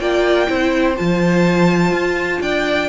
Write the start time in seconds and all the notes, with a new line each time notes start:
0.00 A#3 F4 D5 G5
0.47 C4 E4 C5
0.96 F3 F4 A5
1.93 F4
2.41 D4 D5 G5